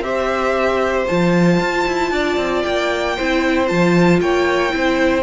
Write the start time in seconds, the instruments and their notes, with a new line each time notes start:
0.00 cello C4, viola G4, violin C5 E5
1.07 cello F3, viola F4, violin A5
1.60 cello F4
1.87 cello E4
2.11 cello D4, violin D5
2.37 cello C4
2.63 cello A#3, violin G5
3.16 cello C4, viola E4, violin C5
3.67 cello F3, viola F4, violin A5
4.21 cello A#3, violin C#5 G5
4.70 cello C4, viola E4, violin C5